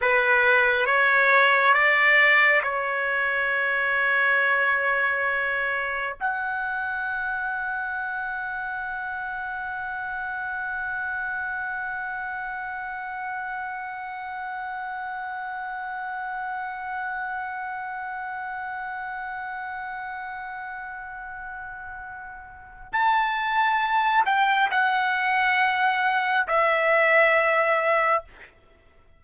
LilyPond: \new Staff \with { instrumentName = "trumpet" } { \time 4/4 \tempo 4 = 68 b'4 cis''4 d''4 cis''4~ | cis''2. fis''4~ | fis''1~ | fis''1~ |
fis''1~ | fis''1~ | fis''2 a''4. g''8 | fis''2 e''2 | }